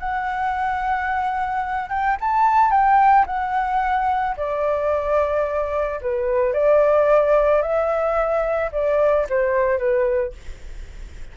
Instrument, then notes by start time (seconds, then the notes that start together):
flute
0.00 F#5
1.90 G5
2.21 A5
2.71 G5
3.27 F#5
4.37 D5
6.01 B4
6.53 D5
7.62 E5
8.72 D5
9.30 C5
9.79 B4